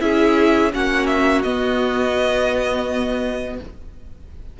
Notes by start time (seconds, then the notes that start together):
0.00 C#4 E4 G#4 E5
0.72 A#3 C#4 F#4 F#5
1.07 E5
1.43 B3 D#5